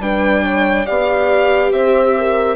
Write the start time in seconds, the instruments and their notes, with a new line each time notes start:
0.00 bassoon G3, viola D4, horn B4, violin G5
0.43 horn C#5
0.86 bassoon B3, viola G4, horn D5, violin F5
1.72 bassoon C4, horn C5, violin E5
2.18 horn A#4